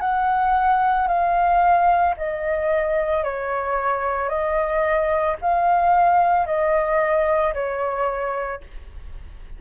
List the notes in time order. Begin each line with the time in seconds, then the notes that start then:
0.00 F#5
1.07 F5
2.17 D#5
3.23 C#5
4.29 D#5
5.41 F5
6.46 D#5
7.53 C#5